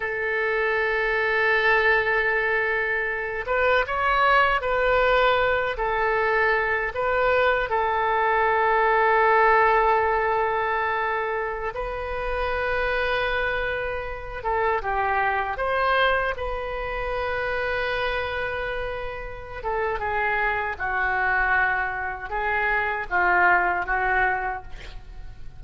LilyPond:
\new Staff \with { instrumentName = "oboe" } { \time 4/4 \tempo 4 = 78 a'1~ | a'8 b'8 cis''4 b'4. a'8~ | a'4 b'4 a'2~ | a'2.~ a'16 b'8.~ |
b'2~ b'8. a'8 g'8.~ | g'16 c''4 b'2~ b'8.~ | b'4. a'8 gis'4 fis'4~ | fis'4 gis'4 f'4 fis'4 | }